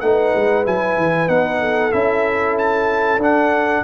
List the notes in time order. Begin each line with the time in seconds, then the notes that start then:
0.00 A3 D#4 B4 F#5
0.35 G#3
0.64 F#3 E4 G#5
0.97 E3
1.27 B3 D#4 F#5
1.60 A4
1.91 C#4 E4 E5
2.58 A5
3.18 D4 F#5